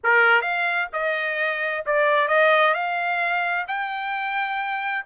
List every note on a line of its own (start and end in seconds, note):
0.03 0.41 A#4
0.41 0.87 F5
0.92 1.84 D#5
1.85 2.28 D5
2.28 2.74 D#5
2.74 3.65 F5
3.67 5.05 G5